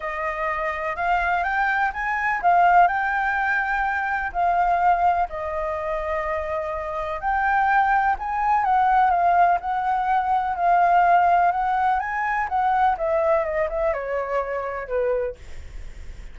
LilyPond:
\new Staff \with { instrumentName = "flute" } { \time 4/4 \tempo 4 = 125 dis''2 f''4 g''4 | gis''4 f''4 g''2~ | g''4 f''2 dis''4~ | dis''2. g''4~ |
g''4 gis''4 fis''4 f''4 | fis''2 f''2 | fis''4 gis''4 fis''4 e''4 | dis''8 e''8 cis''2 b'4 | }